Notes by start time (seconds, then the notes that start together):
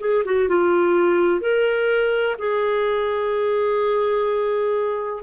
0.00 G#4
0.25 F#4
0.48 F4
1.41 A#4
2.39 G#4